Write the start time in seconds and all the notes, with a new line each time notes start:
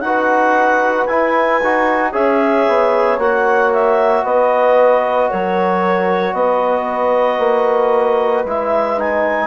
0.00 D#4 F#4 B4 F#5
1.06 E4 G#5
1.62 D#4 F#4
2.12 C#4 G#4 C#5 E5
2.68 B3
3.18 A#3 F#4 F#5
3.72 E5
4.23 B3 B4 D#5
5.30 F#3 A#4 C#5
6.33 B3 B4 D#5
7.39 A#3
8.45 G#3 E4 E5
8.97 D#4 G#5